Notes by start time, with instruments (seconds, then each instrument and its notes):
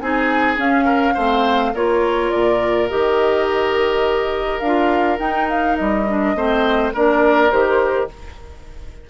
0.00 bassoon C4, clarinet D#4, oboe G#4, flute G#5
0.57 clarinet C#4, bassoon C#4, flute F5
0.85 oboe A#4
1.14 bassoon A3, clarinet C4, oboe C5
1.74 bassoon A#3, clarinet F4, oboe A#4, flute C#5
2.30 bassoon A#2, flute D5
2.89 bassoon D#3, clarinet G4, flute D#5
4.59 bassoon D4, flute F5
4.66 clarinet F4
5.19 clarinet D#4, bassoon D#4, flute G5
5.49 flute F5
5.76 bassoon G3, flute D#5
6.08 clarinet D4
6.35 bassoon A3, clarinet C4, oboe C5
6.94 bassoon A#3, clarinet D4, oboe A#4, flute D5
7.51 bassoon D#3, clarinet G4, flute C5